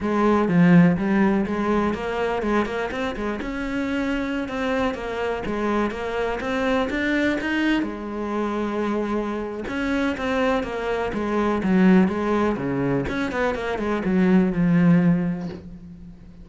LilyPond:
\new Staff \with { instrumentName = "cello" } { \time 4/4 \tempo 4 = 124 gis4 f4 g4 gis4 | ais4 gis8 ais8 c'8 gis8 cis'4~ | cis'4~ cis'16 c'4 ais4 gis8.~ | gis16 ais4 c'4 d'4 dis'8.~ |
dis'16 gis2.~ gis8. | cis'4 c'4 ais4 gis4 | fis4 gis4 cis4 cis'8 b8 | ais8 gis8 fis4 f2 | }